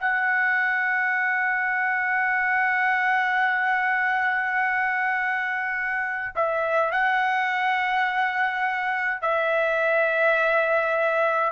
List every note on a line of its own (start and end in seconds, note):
0.00 6.35 F#5
6.36 6.92 E5
6.92 9.22 F#5
9.22 11.52 E5